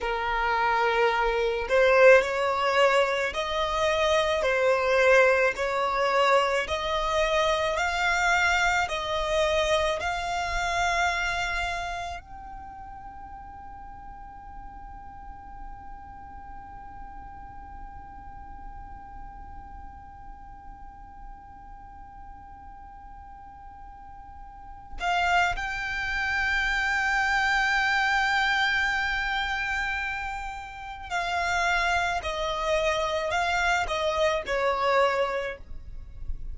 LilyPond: \new Staff \with { instrumentName = "violin" } { \time 4/4 \tempo 4 = 54 ais'4. c''8 cis''4 dis''4 | c''4 cis''4 dis''4 f''4 | dis''4 f''2 g''4~ | g''1~ |
g''1~ | g''2~ g''8 f''8 g''4~ | g''1 | f''4 dis''4 f''8 dis''8 cis''4 | }